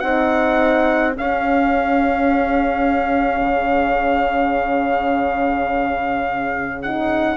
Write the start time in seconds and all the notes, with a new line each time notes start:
0.00 C4 D#4 G#4 F#5
1.14 C#4 F5
3.41 C#3
6.83 D#4 F#5